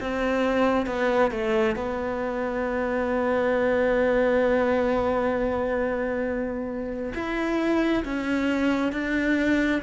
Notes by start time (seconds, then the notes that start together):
0.00 C4
0.86 B3
1.31 A3
1.75 B3
7.14 E4
8.04 C#4
8.92 D4